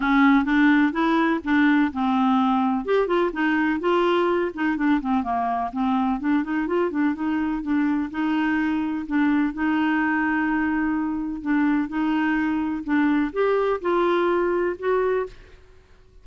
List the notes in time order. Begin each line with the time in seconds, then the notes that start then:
0.00 C#4
0.44 D4
0.92 E4
1.44 D4
1.92 C4
2.85 G4
3.07 F4
3.32 D#4
3.80 F4
4.54 D#4
4.76 D4
5.01 C4
5.23 A#3
5.72 C4
6.19 D4
6.43 D#4
6.67 F4
6.90 D4
7.15 D#4
7.62 D4
8.10 D#4
9.06 D4
9.53 D#4
11.41 D4
11.88 D#4
12.84 D4
13.32 G4
13.81 F4
14.78 F#4